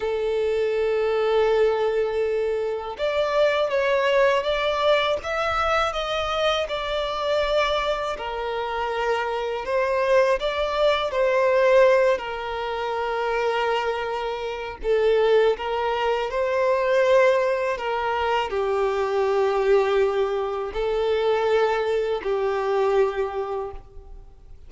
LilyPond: \new Staff \with { instrumentName = "violin" } { \time 4/4 \tempo 4 = 81 a'1 | d''4 cis''4 d''4 e''4 | dis''4 d''2 ais'4~ | ais'4 c''4 d''4 c''4~ |
c''8 ais'2.~ ais'8 | a'4 ais'4 c''2 | ais'4 g'2. | a'2 g'2 | }